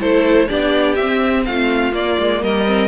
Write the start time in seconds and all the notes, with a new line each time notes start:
0.00 A3 E4 A4 C5
0.48 B3 D4 G4 D5
0.95 C4 E5
1.45 A3 F4 F5
1.92 A#3 D5
2.18 G#3
2.42 G3 A#4 D#5
2.66 C4